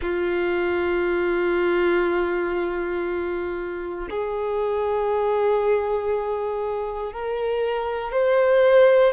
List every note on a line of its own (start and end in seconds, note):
0.01 4.08 F4
4.10 7.12 G#4
7.12 8.11 A#4
8.11 9.13 C5